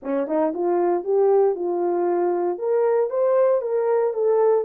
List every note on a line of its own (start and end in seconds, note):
0.03 0.27 C#4
0.27 0.53 D#4
0.54 1.03 F4
1.03 1.55 G4
1.55 2.58 F4
2.58 3.10 A#4
3.10 3.61 C5
3.61 4.13 A#4
4.13 4.64 A4